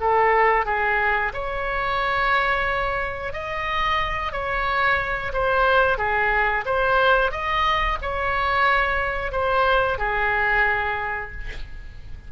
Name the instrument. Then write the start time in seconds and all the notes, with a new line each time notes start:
oboe
0.00 A4
0.65 G#4
1.33 C#5
3.32 D#5
4.32 C#5
5.33 C5
5.98 G#4
6.65 C5
7.31 D#5
8.01 C#5
9.32 C5
9.98 G#4